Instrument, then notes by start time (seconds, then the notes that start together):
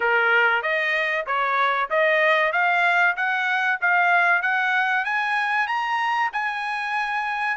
trumpet
0.00 A#4
0.62 D#5
1.26 C#5
1.90 D#5
2.52 F5
3.16 F#5
3.81 F5
4.42 F#5
5.04 G#5
5.67 A#5
6.32 G#5